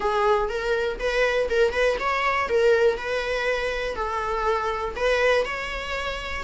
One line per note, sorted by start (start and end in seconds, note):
0.00 0.49 G#4
0.49 0.98 A#4
0.99 1.49 B4
1.49 1.72 A#4
1.72 1.97 B4
1.99 2.49 C#5
2.49 2.97 A#4
2.97 3.95 B4
3.95 4.94 A4
4.96 5.45 B4
5.45 6.43 C#5